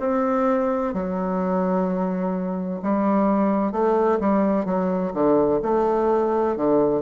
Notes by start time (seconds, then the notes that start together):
0.00 C4
0.94 F#3
2.83 G3
3.72 A3
4.20 G3
4.65 F#3
5.14 D3
5.63 A3
6.57 D3